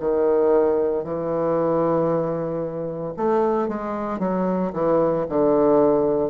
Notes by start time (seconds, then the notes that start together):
0.00 D#3
1.04 E3
3.17 A3
3.68 G#3
4.19 F#3
4.73 E3
5.29 D3